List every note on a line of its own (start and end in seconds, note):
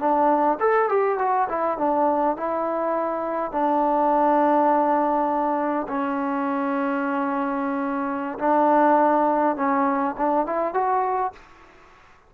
0.00 0.59 D4
0.60 0.90 A4
0.90 1.19 G4
1.19 1.48 F#4
1.49 1.78 E4
1.78 2.37 D4
2.37 3.52 E4
3.52 5.87 D4
5.89 8.39 C#4
8.39 9.56 D4
9.56 10.15 C#4
10.18 10.47 D4
10.47 10.74 E4
10.74 11.33 F#4